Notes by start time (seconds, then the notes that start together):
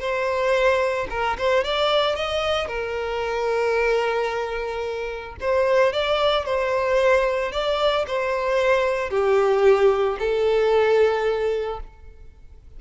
0.00 C5
1.10 A#4
1.38 C5
1.64 D5
2.16 D#5
2.68 A#4
5.41 C5
5.93 D5
6.45 C5
7.52 D5
8.07 C5
9.10 G4
10.19 A4